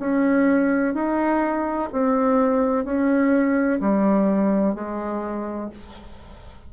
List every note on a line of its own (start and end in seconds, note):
0.00 0.95 C#4
0.95 1.90 D#4
1.93 2.85 C4
2.85 3.81 C#4
3.81 4.75 G3
4.75 5.70 G#3